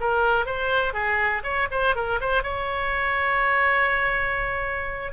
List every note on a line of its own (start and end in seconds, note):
0.00 0.46 A#4
0.46 0.93 C5
0.93 1.43 G#4
1.43 1.68 C#5
1.71 1.95 C5
1.95 2.20 A#4
2.21 2.43 C5
2.43 5.13 C#5